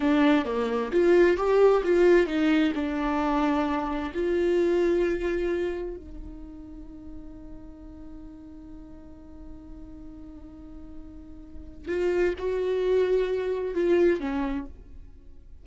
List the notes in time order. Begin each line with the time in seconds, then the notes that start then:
0.00 D4
0.45 A#3
0.91 F4
1.37 G4
1.83 F4
2.26 D#4
2.75 D4
4.13 F4
5.96 D#4
11.88 F4
12.38 F#4
13.74 F4
14.20 C#4